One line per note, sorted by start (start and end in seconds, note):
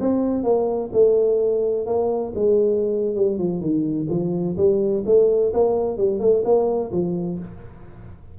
0.00 0.43 C4
0.43 0.90 A#3
0.92 1.86 A3
1.86 2.33 A#3
2.35 3.15 G#3
3.15 3.38 G3
3.38 3.60 F3
3.60 4.07 D#3
4.09 4.56 F3
4.57 5.04 G3
5.06 5.52 A3
5.53 5.97 A#3
5.97 6.20 G3
6.20 6.43 A3
6.45 6.91 A#3
6.92 7.38 F3